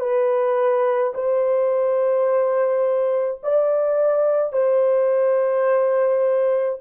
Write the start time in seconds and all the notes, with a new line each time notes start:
0.00 B4
1.14 C5
3.43 D5
4.53 C5